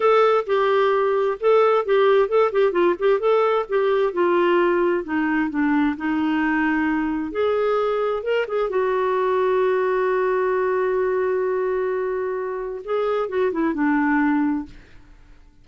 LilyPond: \new Staff \with { instrumentName = "clarinet" } { \time 4/4 \tempo 4 = 131 a'4 g'2 a'4 | g'4 a'8 g'8 f'8 g'8 a'4 | g'4 f'2 dis'4 | d'4 dis'2. |
gis'2 ais'8 gis'8 fis'4~ | fis'1~ | fis'1 | gis'4 fis'8 e'8 d'2 | }